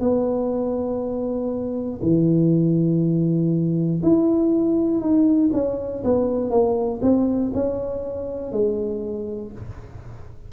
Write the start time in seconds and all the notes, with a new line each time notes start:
0.00 B3
2.02 E3
4.03 E4
5.00 D#4
5.53 C#4
6.04 B3
6.50 A#3
7.02 C4
7.54 C#4
8.52 G#3